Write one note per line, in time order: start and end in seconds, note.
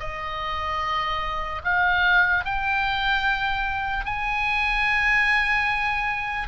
0.00 1.62 D#5
1.64 2.45 F5
2.45 4.05 G5
4.05 6.48 G#5